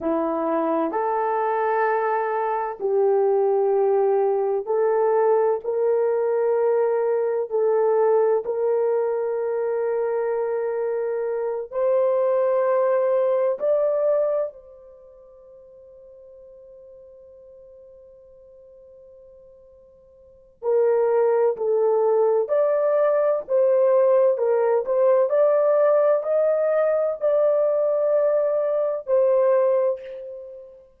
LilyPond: \new Staff \with { instrumentName = "horn" } { \time 4/4 \tempo 4 = 64 e'4 a'2 g'4~ | g'4 a'4 ais'2 | a'4 ais'2.~ | ais'8 c''2 d''4 c''8~ |
c''1~ | c''2 ais'4 a'4 | d''4 c''4 ais'8 c''8 d''4 | dis''4 d''2 c''4 | }